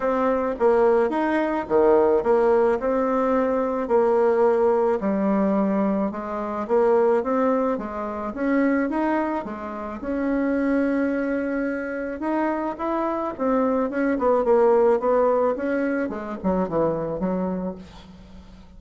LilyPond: \new Staff \with { instrumentName = "bassoon" } { \time 4/4 \tempo 4 = 108 c'4 ais4 dis'4 dis4 | ais4 c'2 ais4~ | ais4 g2 gis4 | ais4 c'4 gis4 cis'4 |
dis'4 gis4 cis'2~ | cis'2 dis'4 e'4 | c'4 cis'8 b8 ais4 b4 | cis'4 gis8 fis8 e4 fis4 | }